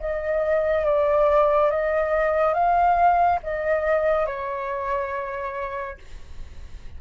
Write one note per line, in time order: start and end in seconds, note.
0.00 0.85 D#5
0.85 1.71 D5
1.71 2.54 D#5
2.54 3.39 F5
3.43 4.27 D#5
4.27 5.98 C#5